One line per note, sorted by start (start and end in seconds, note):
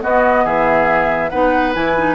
0.00 1.29 B3
0.00 0.45 B3
0.00 0.45 F#4
0.00 0.46 D#5
0.45 1.32 E3
0.45 1.30 G#4
0.45 1.30 E5
1.30 1.75 B3
1.30 1.74 D#4
1.30 2.15 B4
1.30 1.73 F#5
1.74 2.15 E3
1.74 1.96 E4
1.74 2.15 G#5
1.98 2.15 D#4